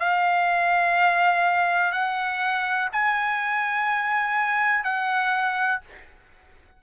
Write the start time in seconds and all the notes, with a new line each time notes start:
0.00 F5
1.92 F#5
2.93 G#5
4.84 F#5